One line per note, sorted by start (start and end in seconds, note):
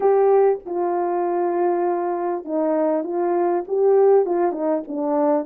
0.00 0.59 G4
0.65 2.44 F4
2.44 3.03 D#4
3.03 3.64 F4
3.67 4.25 G4
4.25 4.52 F4
4.52 4.82 D#4
4.87 5.45 D4